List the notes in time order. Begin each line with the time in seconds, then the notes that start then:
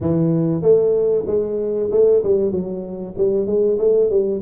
0.01 E3
0.61 A3
1.27 G#3
1.91 A3
2.23 G3
2.51 F#3
3.17 G3
3.46 G#3
3.78 A3
4.10 G3